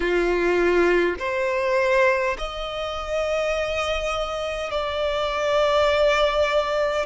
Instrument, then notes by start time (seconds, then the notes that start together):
violin
0.00 F4
1.19 C5
2.37 D#5
4.71 D5